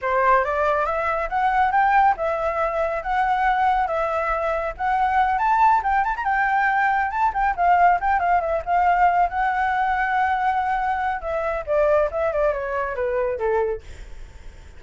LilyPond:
\new Staff \with { instrumentName = "flute" } { \time 4/4 \tempo 4 = 139 c''4 d''4 e''4 fis''4 | g''4 e''2 fis''4~ | fis''4 e''2 fis''4~ | fis''8 a''4 g''8 a''16 ais''16 g''4.~ |
g''8 a''8 g''8 f''4 g''8 f''8 e''8 | f''4. fis''2~ fis''8~ | fis''2 e''4 d''4 | e''8 d''8 cis''4 b'4 a'4 | }